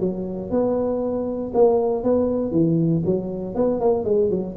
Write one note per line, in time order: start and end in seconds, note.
0.00 0.50 F#3
0.50 1.52 B3
1.54 2.03 A#3
2.03 2.51 B3
2.51 3.02 E3
3.05 3.55 F#3
3.55 3.80 B3
3.80 4.05 A#3
4.05 4.30 G#3
4.30 4.56 F#3